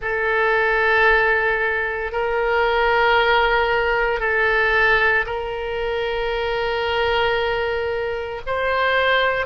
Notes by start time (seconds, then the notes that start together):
0.01 A4
2.11 A#4
4.20 A4
5.25 A#4
8.46 C5